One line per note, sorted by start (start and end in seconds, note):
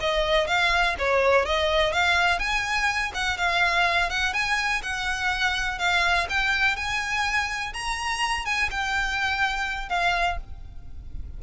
0.00 0.46 D#5
0.46 0.95 F5
0.98 1.45 C#5
1.45 1.92 D#5
1.92 2.39 F5
2.39 3.11 G#5
3.14 3.37 F#5
3.37 4.10 F5
4.10 4.33 F#5
4.33 4.81 G#5
4.82 5.78 F#5
5.78 6.27 F5
6.29 6.76 G5
6.76 7.73 G#5
7.73 8.45 A#5
8.45 8.69 G#5
8.70 9.89 G5
9.89 10.37 F5